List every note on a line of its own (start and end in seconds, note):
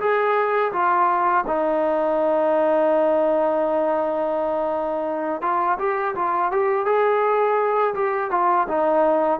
0.00 0.72 G#4
0.73 1.45 F4
1.47 5.42 D#4
5.42 5.78 F4
5.79 6.15 G4
6.15 6.52 F4
6.52 6.86 G4
6.86 7.94 G#4
7.95 8.31 G4
8.31 8.67 F4
8.68 9.40 D#4